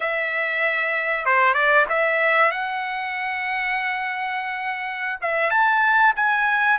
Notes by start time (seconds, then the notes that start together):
0.00 E5
1.25 C5
1.54 D5
1.89 E5
2.51 F#5
5.21 E5
5.50 A5
6.16 G#5